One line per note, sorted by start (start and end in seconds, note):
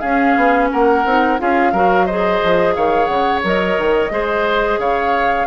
0.00 0.36 C#4
0.00 1.06 C#4
0.00 0.68 G#4
0.00 0.68 F5
0.36 0.70 B3
0.71 1.05 A#3
0.71 1.40 A#4
0.71 1.39 F#5
1.05 1.39 C4
1.05 1.39 D#4
1.39 1.73 C#4
1.39 1.73 F4
1.39 1.72 G#4
1.39 2.06 F5
1.72 2.41 F#3
1.72 2.09 F#4
1.72 2.06 A#4
2.06 3.43 G#4
2.06 2.74 C5
2.06 2.74 D#5
2.43 2.76 F3
2.75 3.09 D#3
2.75 4.12 C#5
2.75 3.05 F5
3.05 3.43 C#3
3.05 3.39 F#5
3.43 3.78 F#3
3.43 4.11 A#4
3.43 4.80 D#5
3.78 4.11 D#3
4.11 4.78 G#3
4.11 5.47 G#4
4.11 4.80 C5
4.78 5.46 C#3
4.78 5.47 C#5
4.78 5.47 F5